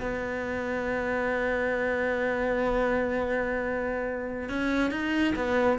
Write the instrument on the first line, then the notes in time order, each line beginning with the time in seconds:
cello
0.00 B3
4.49 C#4
4.91 D#4
5.36 B3